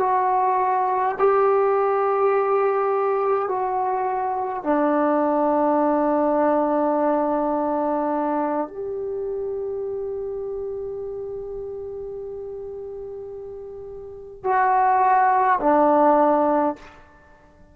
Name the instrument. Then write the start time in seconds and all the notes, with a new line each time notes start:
trombone
0.00 F#4
1.20 G4
3.49 F#4
4.64 D4
8.68 G4
14.44 F#4
15.60 D4